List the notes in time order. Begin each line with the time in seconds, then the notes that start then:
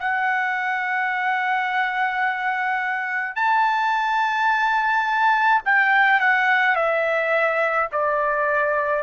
0.00 F#5
3.36 A5
5.66 G5
6.21 F#5
6.76 E5
7.92 D5